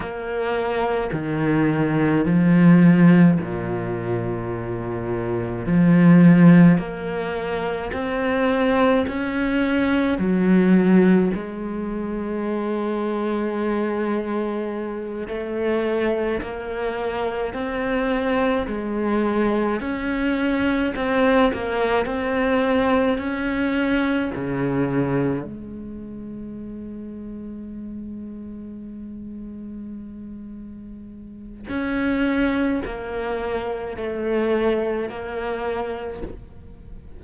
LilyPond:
\new Staff \with { instrumentName = "cello" } { \time 4/4 \tempo 4 = 53 ais4 dis4 f4 ais,4~ | ais,4 f4 ais4 c'4 | cis'4 fis4 gis2~ | gis4. a4 ais4 c'8~ |
c'8 gis4 cis'4 c'8 ais8 c'8~ | c'8 cis'4 cis4 gis4.~ | gis1 | cis'4 ais4 a4 ais4 | }